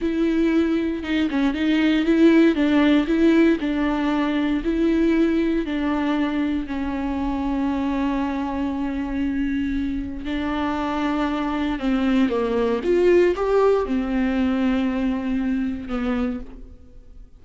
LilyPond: \new Staff \with { instrumentName = "viola" } { \time 4/4 \tempo 4 = 117 e'2 dis'8 cis'8 dis'4 | e'4 d'4 e'4 d'4~ | d'4 e'2 d'4~ | d'4 cis'2.~ |
cis'1 | d'2. c'4 | ais4 f'4 g'4 c'4~ | c'2. b4 | }